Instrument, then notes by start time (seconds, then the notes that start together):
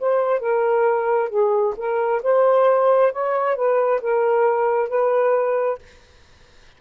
saxophone
0.00 C5
0.39 A#4
1.29 G#4
1.77 A#4
2.23 C5
3.13 C#5
3.55 B4
4.01 A#4
4.89 B4